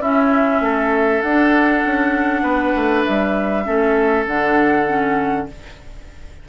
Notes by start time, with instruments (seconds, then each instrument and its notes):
0.00 bassoon C#4, clarinet C#4, oboe E4, flute E5
0.60 bassoon A3, oboe A4
1.22 bassoon D4, clarinet D4, flute F#5
1.85 bassoon C#4
2.42 bassoon B3, oboe B4
2.75 bassoon A3
3.04 bassoon G3, flute E5
3.64 bassoon A3, clarinet C#4, oboe A4
4.26 bassoon D3, clarinet D4, flute F#5
4.86 clarinet C#4